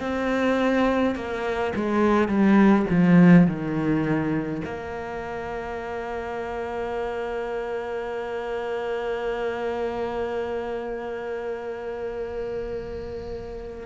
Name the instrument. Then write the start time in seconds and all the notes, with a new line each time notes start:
cello
0.00 C4
1.15 A#3
1.75 G#3
2.28 G3
2.90 F3
3.47 D#3
4.65 A#3